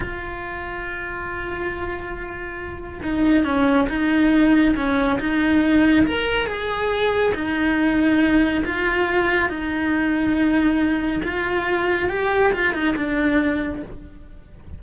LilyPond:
\new Staff \with { instrumentName = "cello" } { \time 4/4 \tempo 4 = 139 f'1~ | f'2. dis'4 | cis'4 dis'2 cis'4 | dis'2 ais'4 gis'4~ |
gis'4 dis'2. | f'2 dis'2~ | dis'2 f'2 | g'4 f'8 dis'8 d'2 | }